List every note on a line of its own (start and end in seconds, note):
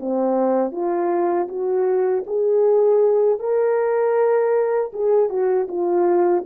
0.00 0.72 C4
0.72 1.48 F4
1.49 2.25 F#4
2.27 3.40 G#4
3.40 4.92 A#4
4.93 5.30 G#4
5.30 5.68 F#4
5.69 6.45 F4